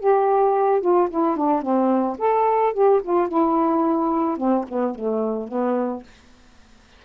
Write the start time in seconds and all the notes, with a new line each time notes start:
0.00 G4
0.81 F4
1.11 E4
1.37 D4
1.62 C4
2.18 A4
2.74 G4
3.04 F4
3.29 E4
4.38 C4
4.68 B3
4.95 A3
5.48 B3